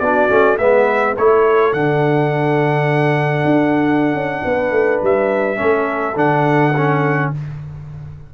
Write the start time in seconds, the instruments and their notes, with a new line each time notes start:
0.00 tuba B3, trombone D4, horn F#4, trumpet D5
0.29 tuba A3, trombone C#4
0.58 tuba G#3, trombone B3, horn B4, trumpet E5
1.16 tuba A3, trombone E4, horn A4, trumpet C#5
1.73 tuba D3, trombone D4, trumpet F#5
3.45 tuba D4
4.14 tuba C#4
4.44 tuba B3, horn B4
4.71 tuba A3
5.02 tuba G3, trumpet E5
5.56 tuba A3, trombone C#4, horn A4
6.16 tuba D3, trombone D4, trumpet F#5
6.77 trombone C#4